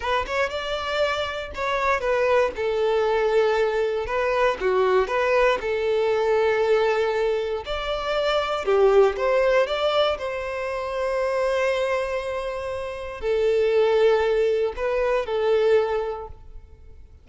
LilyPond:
\new Staff \with { instrumentName = "violin" } { \time 4/4 \tempo 4 = 118 b'8 cis''8 d''2 cis''4 | b'4 a'2. | b'4 fis'4 b'4 a'4~ | a'2. d''4~ |
d''4 g'4 c''4 d''4 | c''1~ | c''2 a'2~ | a'4 b'4 a'2 | }